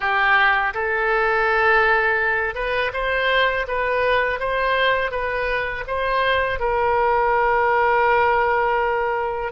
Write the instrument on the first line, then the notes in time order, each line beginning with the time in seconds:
oboe
0.00 G4
0.74 A4
2.54 B4
2.93 C5
3.67 B4
4.39 C5
5.11 B4
5.87 C5
6.59 A#4